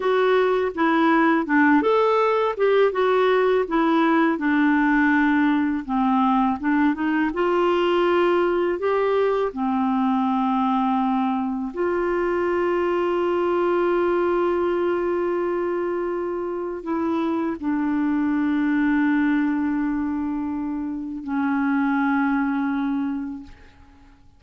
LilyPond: \new Staff \with { instrumentName = "clarinet" } { \time 4/4 \tempo 4 = 82 fis'4 e'4 d'8 a'4 g'8 | fis'4 e'4 d'2 | c'4 d'8 dis'8 f'2 | g'4 c'2. |
f'1~ | f'2. e'4 | d'1~ | d'4 cis'2. | }